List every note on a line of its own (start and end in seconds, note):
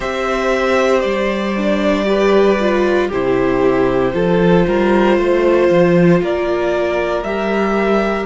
0.00 1.03 C4
0.00 1.55 G4
0.00 2.04 C5
0.00 1.00 E5
1.00 3.11 G3
1.00 3.07 D5
1.57 2.05 D4
2.05 2.56 G4
2.05 3.08 B4
2.59 3.11 F4
3.08 4.14 C3
3.08 4.13 E4
3.08 4.11 G4
3.08 6.22 C5
4.13 4.65 F3
4.13 7.24 F4
4.13 4.66 A4
4.66 5.17 G3
4.66 5.18 A#4
5.17 5.69 A3
5.17 6.21 C5
5.70 6.21 F3
6.21 7.22 A#3
6.21 8.25 A#4
6.21 7.23 D5
7.22 8.25 G3
7.22 8.25 G4
7.22 8.25 E5